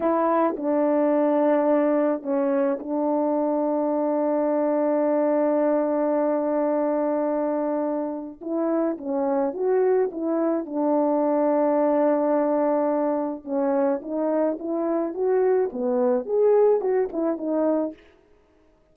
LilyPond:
\new Staff \with { instrumentName = "horn" } { \time 4/4 \tempo 4 = 107 e'4 d'2. | cis'4 d'2.~ | d'1~ | d'2. e'4 |
cis'4 fis'4 e'4 d'4~ | d'1 | cis'4 dis'4 e'4 fis'4 | b4 gis'4 fis'8 e'8 dis'4 | }